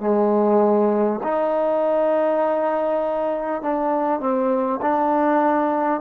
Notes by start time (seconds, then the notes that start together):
0.00 G#3
1.23 D#4
3.62 D4
4.21 C4
4.82 D4